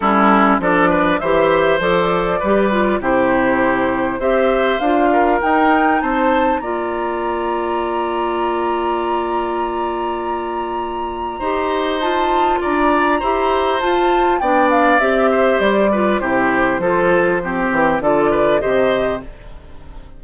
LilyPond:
<<
  \new Staff \with { instrumentName = "flute" } { \time 4/4 \tempo 4 = 100 a'4 d''4 e''4 d''4~ | d''4 c''2 e''4 | f''4 g''4 a''4 ais''4~ | ais''1~ |
ais''1 | a''4 ais''2 a''4 | g''8 f''8 e''4 d''4 c''4~ | c''2 d''4 dis''4 | }
  \new Staff \with { instrumentName = "oboe" } { \time 4/4 e'4 a'8 b'8 c''2 | b'4 g'2 c''4~ | c''8 ais'4. c''4 d''4~ | d''1~ |
d''2. c''4~ | c''4 d''4 c''2 | d''4. c''4 b'8 g'4 | a'4 g'4 a'8 b'8 c''4 | }
  \new Staff \with { instrumentName = "clarinet" } { \time 4/4 cis'4 d'4 g'4 a'4 | g'8 f'8 e'2 g'4 | f'4 dis'2 f'4~ | f'1~ |
f'2. g'4 | f'2 g'4 f'4 | d'4 g'4. f'8 e'4 | f'4 c'4 f'4 g'4 | }
  \new Staff \with { instrumentName = "bassoon" } { \time 4/4 g4 f4 e4 f4 | g4 c2 c'4 | d'4 dis'4 c'4 ais4~ | ais1~ |
ais2. dis'4~ | dis'4 d'4 e'4 f'4 | b4 c'4 g4 c4 | f4. e8 d4 c4 | }
>>